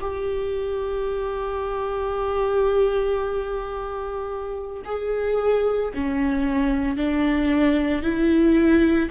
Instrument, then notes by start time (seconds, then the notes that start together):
viola
0.00 G4
4.85 G#4
5.94 C#4
6.96 D4
8.03 E4